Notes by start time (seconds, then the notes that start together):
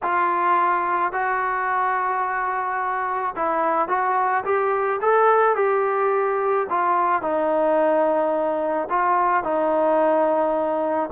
0.02 F4
1.12 F#4
3.36 E4
3.88 F#4
4.44 G4
5.01 A4
5.55 G4
6.69 F4
7.21 D#4
8.89 F4
9.43 D#4